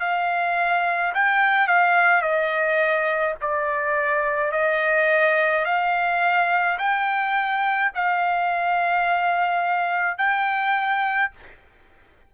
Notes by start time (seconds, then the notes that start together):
0.00 F5
1.14 G5
1.67 F5
2.22 D#5
3.41 D5
4.52 D#5
5.65 F5
6.79 G5
7.95 F5
10.18 G5